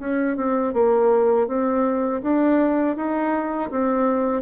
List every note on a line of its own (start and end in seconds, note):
0.00 0.37 C#4
0.37 0.74 C4
0.74 1.48 A#3
1.48 2.22 C4
2.23 2.97 D4
2.97 3.71 D#4
3.71 4.43 C4